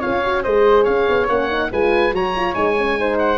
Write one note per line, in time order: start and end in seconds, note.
0.00 0.46 C#4
0.00 0.23 F4
0.00 0.42 C#5
0.00 0.43 F5
0.24 0.45 F#4
0.43 0.87 G#3
0.43 1.30 G#4
0.43 0.83 C5
0.43 0.85 D#5
0.83 1.08 C#4
0.83 1.68 C#5
0.83 1.27 F5
1.09 1.28 B3
1.28 1.71 A#3
1.28 1.49 C#4
1.28 1.71 F#5
1.49 1.70 D#4
1.71 2.13 G#3
1.71 2.14 F4
1.71 2.14 B4
1.71 2.15 G#5
2.13 2.55 F#3
2.13 2.35 F#4
2.13 2.99 C#5
2.13 2.54 A#5
2.35 2.54 F4
2.54 3.38 G#3
2.54 2.76 D#4
2.54 3.18 G#5
2.78 2.98 C#4
2.98 3.38 D#4
2.98 3.38 C5
3.19 3.38 F#5